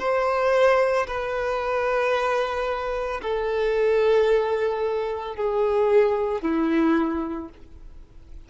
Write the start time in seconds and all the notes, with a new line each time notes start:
0.00 C5
1.08 B4
3.22 A4
5.36 G#4
6.42 E4